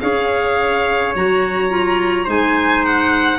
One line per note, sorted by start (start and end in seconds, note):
0.00 1.15 C#4
0.00 1.13 G#4
0.00 2.24 C#5
0.00 1.13 F5
1.15 2.27 F#3
1.15 1.69 F#4
1.15 2.29 A#5
1.69 2.25 F4
2.24 3.38 G#3
2.24 3.38 D#4
2.24 3.37 C5
2.24 2.85 G#5
2.85 3.38 F#5